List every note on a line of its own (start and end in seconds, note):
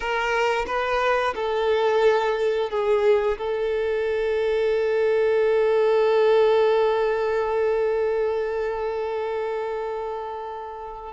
0.00 0.65 A#4
0.66 1.34 B4
1.35 2.70 A4
2.70 3.37 G#4
3.37 11.13 A4